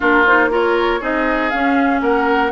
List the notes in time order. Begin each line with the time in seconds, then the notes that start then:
0.00 A#3 D4 F4 A#4
0.25 D#4 C5
0.50 F4 A#4 C#5
1.00 C4 D#4 G#4 D#5
1.49 C#4 F5
2.01 A#3 A#4 F#5